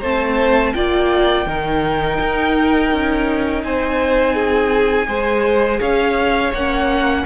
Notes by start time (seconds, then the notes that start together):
0.00 A3 C4 C5 A5
0.73 A#3 F4 D5 G5
1.46 D#3 D#4 A#4
2.20 D#4
2.92 C#4
3.63 C4 C5 G#5
4.34 G#4
5.07 G#3 G#4 C5
5.79 C#4 C#5 F5
6.52 A#3 C#4 F#5